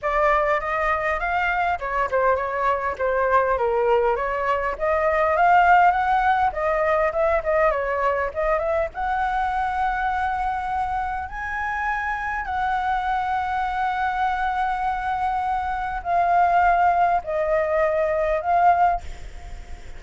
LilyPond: \new Staff \with { instrumentName = "flute" } { \time 4/4 \tempo 4 = 101 d''4 dis''4 f''4 cis''8 c''8 | cis''4 c''4 ais'4 cis''4 | dis''4 f''4 fis''4 dis''4 | e''8 dis''8 cis''4 dis''8 e''8 fis''4~ |
fis''2. gis''4~ | gis''4 fis''2.~ | fis''2. f''4~ | f''4 dis''2 f''4 | }